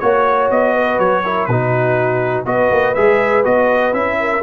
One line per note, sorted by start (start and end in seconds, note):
0.00 0.51 A#3
0.00 1.25 F#4
0.00 0.49 C#5
0.00 0.74 C#5
0.51 0.99 B3
0.51 0.99 D#5
0.74 1.23 B4
0.99 1.48 F#3
0.99 1.46 C#5
1.24 1.49 E4
1.24 1.49 A#4
1.46 2.46 B2
1.46 2.46 D#4
1.46 2.46 F#4
1.46 2.44 B4
2.46 2.71 B3
2.46 2.95 F#4
2.46 4.18 B4
2.46 2.95 D#5
2.71 2.95 A#3
2.95 3.45 G#3
2.95 3.44 G#4
2.95 3.44 E5
3.44 3.94 B3
3.44 3.93 F#4
3.44 3.94 D#5
3.93 4.43 C#4
3.93 4.42 E4
3.93 4.43 E5
4.20 4.44 A#4